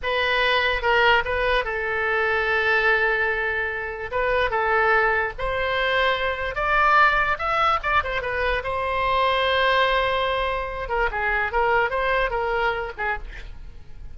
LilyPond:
\new Staff \with { instrumentName = "oboe" } { \time 4/4 \tempo 4 = 146 b'2 ais'4 b'4 | a'1~ | a'2 b'4 a'4~ | a'4 c''2. |
d''2 e''4 d''8 c''8 | b'4 c''2.~ | c''2~ c''8 ais'8 gis'4 | ais'4 c''4 ais'4. gis'8 | }